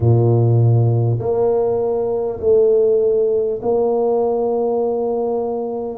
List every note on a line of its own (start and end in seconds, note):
0.00 1.19 A#2
1.19 2.39 A#3
2.40 3.60 A3
3.62 5.97 A#3